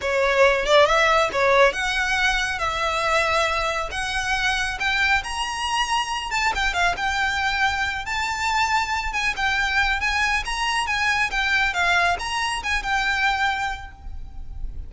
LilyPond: \new Staff \with { instrumentName = "violin" } { \time 4/4 \tempo 4 = 138 cis''4. d''8 e''4 cis''4 | fis''2 e''2~ | e''4 fis''2 g''4 | ais''2~ ais''8 a''8 g''8 f''8 |
g''2~ g''8 a''4.~ | a''4 gis''8 g''4. gis''4 | ais''4 gis''4 g''4 f''4 | ais''4 gis''8 g''2~ g''8 | }